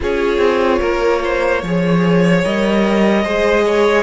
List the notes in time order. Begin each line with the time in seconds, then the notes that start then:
0.00 C#4 F4 G#4 C#5
0.37 C4
0.79 A#3 A#4
1.23 C5
1.62 F3 G#4 C#5
2.44 G3 A#4 D#5
3.23 G#3 G#4 C5
3.65 C#5